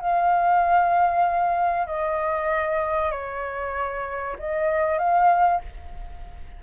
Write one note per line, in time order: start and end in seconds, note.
0.00 1.87 F5
1.87 3.11 D#5
3.11 4.36 C#5
4.39 4.98 D#5
4.98 5.61 F5